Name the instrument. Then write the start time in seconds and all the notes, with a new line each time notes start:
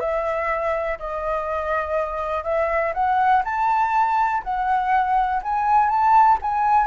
flute
0.00 E5
0.99 D#5
2.44 E5
2.94 F#5
3.44 A5
4.44 F#5
5.42 G#5
5.89 A5
6.42 G#5